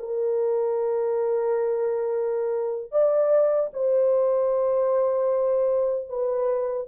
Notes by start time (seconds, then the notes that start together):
0.00 A#4
2.92 D5
3.74 C5
6.10 B4